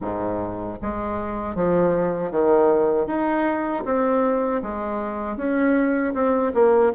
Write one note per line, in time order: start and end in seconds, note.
0.01 0.78 G#2
0.81 1.55 G#3
1.55 2.31 F3
2.31 3.06 D#3
3.06 3.83 D#4
3.85 4.62 C4
4.62 5.36 G#3
5.36 6.13 C#4
6.14 6.52 C4
6.53 6.92 A#3